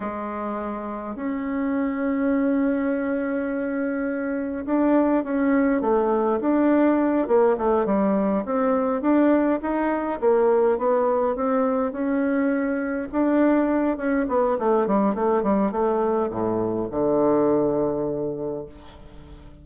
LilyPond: \new Staff \with { instrumentName = "bassoon" } { \time 4/4 \tempo 4 = 103 gis2 cis'2~ | cis'1 | d'4 cis'4 a4 d'4~ | d'8 ais8 a8 g4 c'4 d'8~ |
d'8 dis'4 ais4 b4 c'8~ | c'8 cis'2 d'4. | cis'8 b8 a8 g8 a8 g8 a4 | a,4 d2. | }